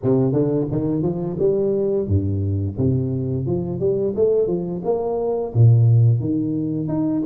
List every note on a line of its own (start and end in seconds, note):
0.03 0.32 C3
0.32 0.66 D3
0.71 1.02 D#3
1.02 1.37 F3
1.39 2.07 G3
2.07 2.76 G2
2.77 3.45 C3
3.45 3.79 F3
3.79 4.14 G3
4.15 4.47 A3
4.47 4.82 F3
4.84 5.53 A#3
5.54 6.20 A#2
6.20 6.87 D#3
6.87 7.22 D#4